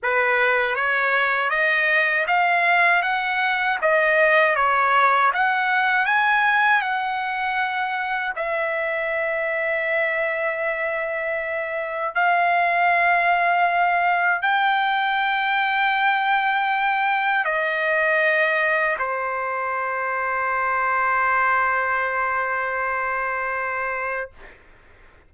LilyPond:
\new Staff \with { instrumentName = "trumpet" } { \time 4/4 \tempo 4 = 79 b'4 cis''4 dis''4 f''4 | fis''4 dis''4 cis''4 fis''4 | gis''4 fis''2 e''4~ | e''1 |
f''2. g''4~ | g''2. dis''4~ | dis''4 c''2.~ | c''1 | }